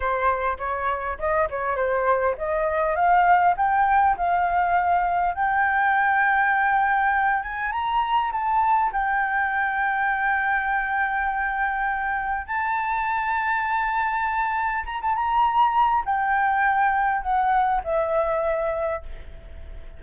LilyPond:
\new Staff \with { instrumentName = "flute" } { \time 4/4 \tempo 4 = 101 c''4 cis''4 dis''8 cis''8 c''4 | dis''4 f''4 g''4 f''4~ | f''4 g''2.~ | g''8 gis''8 ais''4 a''4 g''4~ |
g''1~ | g''4 a''2.~ | a''4 ais''16 a''16 ais''4. g''4~ | g''4 fis''4 e''2 | }